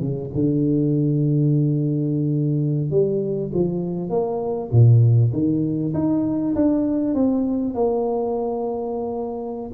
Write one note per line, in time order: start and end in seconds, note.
0.00 0.30 C#3
0.34 2.90 D3
2.90 3.51 G3
3.53 4.09 F3
4.09 4.70 A#3
4.71 5.32 A#2
5.33 5.93 D#3
5.94 6.54 D#4
6.55 7.14 D4
7.14 7.74 C4
7.74 9.71 A#3